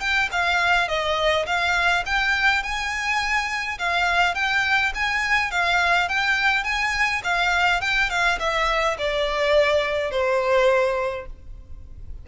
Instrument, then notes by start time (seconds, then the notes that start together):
violin
0.00 G5
0.32 F5
0.88 D#5
1.46 F5
2.06 G5
2.63 G#5
3.79 F5
4.35 G5
4.95 G#5
5.51 F5
6.09 G5
6.64 G#5
7.24 F5
7.81 G5
8.10 F5
8.39 E5
8.98 D5
10.11 C5